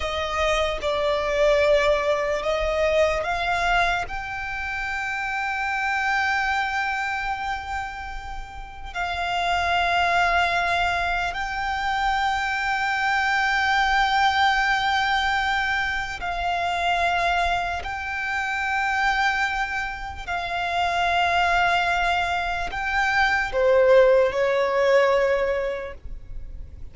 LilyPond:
\new Staff \with { instrumentName = "violin" } { \time 4/4 \tempo 4 = 74 dis''4 d''2 dis''4 | f''4 g''2.~ | g''2. f''4~ | f''2 g''2~ |
g''1 | f''2 g''2~ | g''4 f''2. | g''4 c''4 cis''2 | }